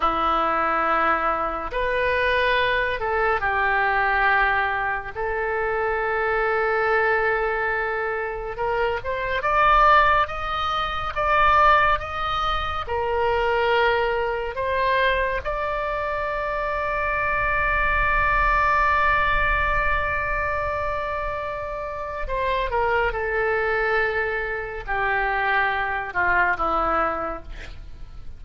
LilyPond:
\new Staff \with { instrumentName = "oboe" } { \time 4/4 \tempo 4 = 70 e'2 b'4. a'8 | g'2 a'2~ | a'2 ais'8 c''8 d''4 | dis''4 d''4 dis''4 ais'4~ |
ais'4 c''4 d''2~ | d''1~ | d''2 c''8 ais'8 a'4~ | a'4 g'4. f'8 e'4 | }